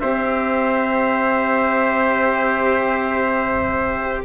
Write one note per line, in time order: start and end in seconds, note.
0.00 4.24 C4
0.00 4.25 G4
0.00 4.24 C5
0.00 4.23 E5